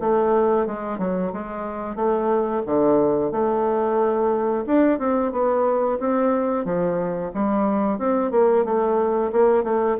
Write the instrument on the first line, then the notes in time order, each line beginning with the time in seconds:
bassoon
0.00 A3
0.66 G#3
0.98 F#3
1.32 G#3
1.95 A3
2.66 D3
3.31 A3
4.66 D4
4.99 C4
5.32 B3
5.99 C4
6.65 F3
7.34 G3
7.98 C4
8.31 A#3
8.65 A3
9.32 A#3
9.64 A3